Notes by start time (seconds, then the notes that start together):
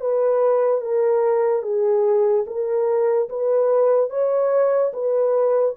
0.00 B4
0.81 A#4
1.62 G#4
2.46 A#4
3.29 B4
4.09 C#5
4.93 B4